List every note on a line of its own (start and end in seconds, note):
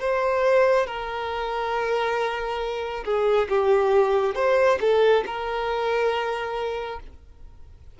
0.00 0.87 C5
0.87 3.04 A#4
3.04 3.48 G#4
3.49 4.35 G4
4.35 4.78 C5
4.80 5.24 A4
5.26 7.00 A#4